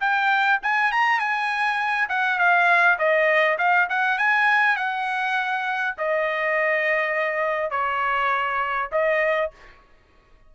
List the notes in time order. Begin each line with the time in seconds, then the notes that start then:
0.00 G5
0.62 G#5
0.92 A#5
1.19 G#5
2.09 F#5
2.38 F5
2.98 D#5
3.58 F5
3.89 F#5
4.18 G#5
4.76 F#5
5.98 D#5
7.71 C#5
8.92 D#5